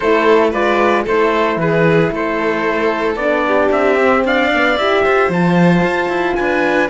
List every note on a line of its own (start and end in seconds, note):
0.00 0.53 A3
0.00 0.52 E4
0.00 0.50 A4
0.00 0.49 C5
0.50 1.06 G#3
0.50 1.05 F4
0.50 1.03 B4
0.50 1.06 D5
1.04 1.57 A3
1.04 3.19 E4
1.04 1.57 A4
1.04 1.60 C5
1.57 2.10 E3
1.57 2.13 G#4
1.57 2.13 B4
2.11 3.15 A3
2.11 3.46 A4
2.11 3.16 C5
3.15 3.68 B3
3.15 3.98 D4
3.15 3.69 D5
3.46 4.26 G4
3.71 4.24 C4
3.71 4.24 E5
3.98 4.51 C4
4.24 4.77 D4
4.24 5.03 D5
4.24 4.77 F5
4.53 4.79 B3
4.77 5.04 E4
4.77 5.32 G4
4.77 5.30 E5
5.03 5.29 F4
5.03 6.36 C5
5.29 5.82 F3
5.29 6.89 F4
5.29 6.34 A5
5.83 6.08 F4
6.08 6.35 E4
6.34 6.89 D4
6.34 6.89 B4
6.34 6.87 G#5